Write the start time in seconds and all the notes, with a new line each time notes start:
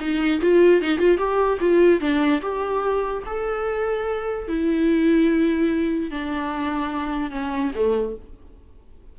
0.00 D#4
0.41 F4
0.81 D#4
0.98 F4
1.17 G4
1.60 F4
2.00 D4
2.41 G4
3.26 A4
4.48 E4
6.10 D4
7.31 C#4
7.75 A3